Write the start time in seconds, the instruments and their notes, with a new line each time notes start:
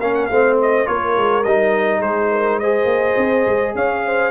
0.00 tuba A#3, trombone C#4, horn A#4, trumpet F5
0.15 trumpet F#5
0.26 tuba A3, trombone C4, horn C5, trumpet F5
0.62 trumpet D#5
0.86 tuba A#3, trombone F4, horn A#4, trumpet C#5
1.17 tuba G#3
1.44 tuba G3, trombone D#4, trumpet D#5
1.99 tuba G#3, horn G#4, trumpet C5
2.32 horn A#4
2.59 trombone G#4, horn C5, trumpet D#5
2.85 tuba A#3
3.17 tuba C4
3.47 tuba G#3
3.75 tuba C#4, horn C#5, trumpet F5
4.05 horn C5